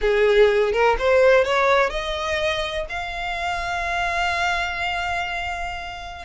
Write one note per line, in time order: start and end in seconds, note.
0.01 0.72 G#4
0.72 0.96 A#4
0.98 1.44 C5
1.44 1.90 C#5
1.90 2.86 D#5
2.89 6.25 F5